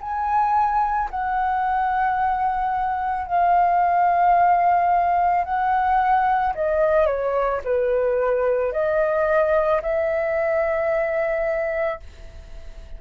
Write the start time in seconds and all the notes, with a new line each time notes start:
0.00 G#5
1.10 F#5
3.26 F5
5.44 F#5
6.55 D#5
7.06 C#5
7.64 B4
8.72 D#5
9.81 E5